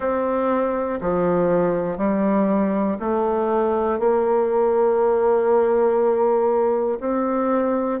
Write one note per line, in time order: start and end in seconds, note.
0.00 1.00 C4
1.00 1.97 F3
1.97 2.97 G3
2.99 3.99 A3
3.99 6.99 A#3
7.00 8.00 C4